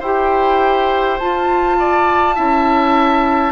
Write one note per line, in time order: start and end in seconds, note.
0.00 1.19 E4
0.00 1.20 G4
0.00 1.76 C5
0.00 1.19 G5
1.19 2.35 F4
1.19 2.38 F4
1.19 3.52 A5
1.79 2.35 D5
2.35 3.52 C#4
2.35 3.52 E4
2.35 3.52 E5